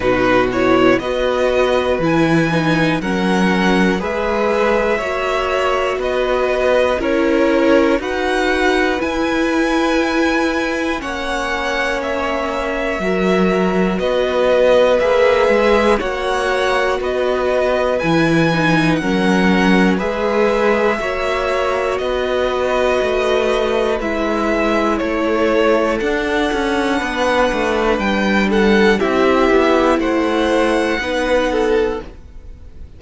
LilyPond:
<<
  \new Staff \with { instrumentName = "violin" } { \time 4/4 \tempo 4 = 60 b'8 cis''8 dis''4 gis''4 fis''4 | e''2 dis''4 cis''4 | fis''4 gis''2 fis''4 | e''2 dis''4 e''4 |
fis''4 dis''4 gis''4 fis''4 | e''2 dis''2 | e''4 cis''4 fis''2 | g''8 fis''8 e''4 fis''2 | }
  \new Staff \with { instrumentName = "violin" } { \time 4/4 fis'4 b'2 ais'4 | b'4 cis''4 b'4 ais'4 | b'2. cis''4~ | cis''4 ais'4 b'2 |
cis''4 b'2 ais'4 | b'4 cis''4 b'2~ | b'4 a'2 b'4~ | b'8 a'8 g'4 c''4 b'8 a'8 | }
  \new Staff \with { instrumentName = "viola" } { \time 4/4 dis'8 e'8 fis'4 e'8 dis'8 cis'4 | gis'4 fis'2 e'4 | fis'4 e'2 cis'4~ | cis'4 fis'2 gis'4 |
fis'2 e'8 dis'8 cis'4 | gis'4 fis'2. | e'2 d'2~ | d'4 e'2 dis'4 | }
  \new Staff \with { instrumentName = "cello" } { \time 4/4 b,4 b4 e4 fis4 | gis4 ais4 b4 cis'4 | dis'4 e'2 ais4~ | ais4 fis4 b4 ais8 gis8 |
ais4 b4 e4 fis4 | gis4 ais4 b4 a4 | gis4 a4 d'8 cis'8 b8 a8 | g4 c'8 b8 a4 b4 | }
>>